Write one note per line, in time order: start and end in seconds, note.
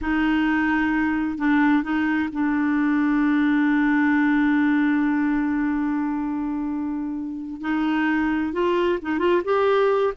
0.01 1.38 D#4
1.38 1.83 D4
1.83 2.29 D#4
2.32 7.61 D4
7.61 8.52 D#4
8.52 8.99 F4
9.01 9.18 D#4
9.18 9.42 F4
9.44 10.13 G4